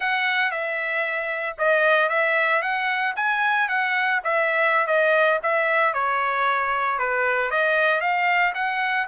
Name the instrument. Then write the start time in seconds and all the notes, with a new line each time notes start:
trumpet
0.00 F#5
0.51 E5
1.58 D#5
2.09 E5
2.61 F#5
3.16 G#5
3.68 F#5
4.23 E5
4.87 D#5
5.42 E5
5.93 C#5
6.98 B4
7.50 D#5
8.00 F5
8.54 F#5